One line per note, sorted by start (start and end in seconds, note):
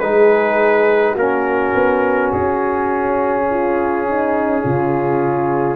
0.00 1.16 G#3
0.00 1.18 D#4
0.00 1.13 G#4
0.00 1.15 B4
1.13 1.74 A#3
1.13 5.76 C#4
1.13 3.44 F#4
1.19 2.32 A#4
1.75 2.33 B3
2.32 4.64 C#4
2.32 5.76 G#4
3.50 4.08 F4
4.09 4.63 D#4
4.63 5.76 C#3
4.63 5.76 F4